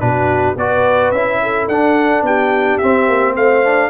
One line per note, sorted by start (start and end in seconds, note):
0.00 0.57 B2
0.00 0.56 D4
0.00 0.59 F#4
0.00 0.56 B4
0.57 1.12 B3
0.57 1.15 F#4
0.57 1.42 B4
0.57 1.11 D5
1.11 1.68 C#4
1.11 1.71 E4
1.11 1.67 E5
1.43 2.26 A4
1.68 2.22 D4
1.68 2.82 D4
1.68 2.24 F#5
2.22 2.78 B3
2.22 3.34 G4
2.22 2.78 G5
2.78 3.64 C4
2.78 3.09 C4
2.78 3.34 E5
3.09 3.36 A#3
3.34 3.90 A3
3.34 3.90 C5
3.34 3.90 F5
3.64 3.90 D4